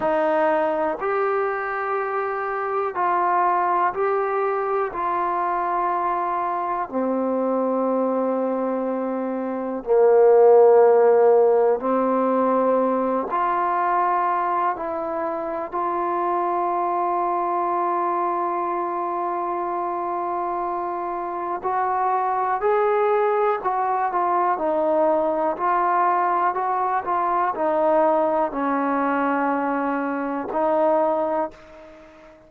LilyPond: \new Staff \with { instrumentName = "trombone" } { \time 4/4 \tempo 4 = 61 dis'4 g'2 f'4 | g'4 f'2 c'4~ | c'2 ais2 | c'4. f'4. e'4 |
f'1~ | f'2 fis'4 gis'4 | fis'8 f'8 dis'4 f'4 fis'8 f'8 | dis'4 cis'2 dis'4 | }